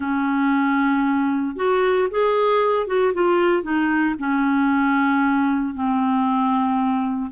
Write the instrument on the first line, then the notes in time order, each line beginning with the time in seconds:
clarinet
0.00 C#4
1.56 F#4
2.10 G#4
2.86 F#4
3.13 F4
3.63 D#4
4.19 C#4
5.74 C4